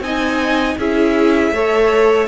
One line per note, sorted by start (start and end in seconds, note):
0.00 0.75 C4
0.00 0.78 D#4
0.00 0.78 D#5
0.00 0.78 G#5
0.78 1.51 C#4
0.78 1.54 E4
0.78 1.53 G#4
0.78 2.27 E5
1.51 2.26 A3
1.51 2.27 A4
1.51 2.27 C#5